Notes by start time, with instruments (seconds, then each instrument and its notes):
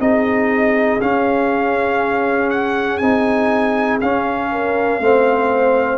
0.00 tuba C4, trombone D#4, horn G#4, trumpet D#5
1.02 tuba C#4, trombone C#4, trumpet F5
2.50 trumpet F#5
2.98 tuba C4, trombone D#4, trumpet G#5
4.01 tuba C#4, trombone C#4, trumpet F5
4.52 horn A#4
5.00 tuba A3, trombone C4, horn C5